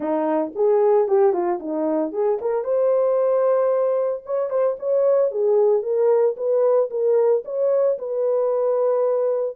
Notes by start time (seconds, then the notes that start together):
0.00 D#4
0.55 G#4
1.08 G4
1.32 F4
1.59 D#4
2.12 G#4
2.41 A#4
2.64 C5
4.25 C#5
4.50 C5
4.79 C#5
5.31 G#4
5.82 A#4
6.36 B4
6.90 A#4
7.45 C#5
7.98 B4